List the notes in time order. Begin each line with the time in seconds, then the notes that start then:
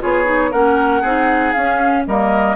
0.00 B3 F4 G#4 C#5
0.24 D#4
0.51 A#3 C#4 A#4 F#5
1.01 C4 D#4 G#4
1.52 C#4 F5
1.59 C#4
2.07 G3 A#3 A#4 D#5